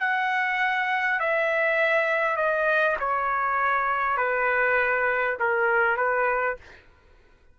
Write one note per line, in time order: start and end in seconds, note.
0.00 1.20 F#5
1.20 2.36 E5
2.36 2.96 D#5
2.99 4.17 C#5
4.17 5.37 B4
5.40 5.97 A#4
5.97 6.57 B4